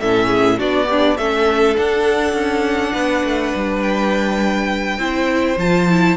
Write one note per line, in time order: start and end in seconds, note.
0.00 0.61 A2
0.00 0.58 C#4
0.00 0.27 A4
0.00 0.59 E5
0.27 0.57 G#4
0.57 1.18 B3
0.57 0.86 D4
0.57 0.87 F#4
0.57 1.17 D5
0.86 1.17 D4
0.86 1.15 G4
1.17 1.76 A3
1.17 1.75 C#4
1.17 2.92 A4
1.17 1.76 E5
1.75 4.99 D4
1.75 2.33 D4
1.75 3.82 F#5
2.33 2.92 C#4
2.92 3.22 B3
2.92 4.98 B4
3.24 3.53 A3
3.55 4.97 G3
3.82 5.58 G5
4.97 5.56 C4
4.97 5.58 E4
4.97 6.17 C5
5.57 6.15 F3
5.57 5.88 F4
5.57 6.17 A5
5.89 6.17 E4